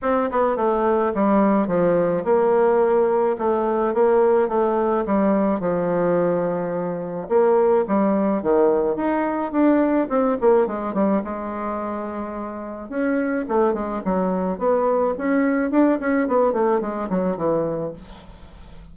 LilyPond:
\new Staff \with { instrumentName = "bassoon" } { \time 4/4 \tempo 4 = 107 c'8 b8 a4 g4 f4 | ais2 a4 ais4 | a4 g4 f2~ | f4 ais4 g4 dis4 |
dis'4 d'4 c'8 ais8 gis8 g8 | gis2. cis'4 | a8 gis8 fis4 b4 cis'4 | d'8 cis'8 b8 a8 gis8 fis8 e4 | }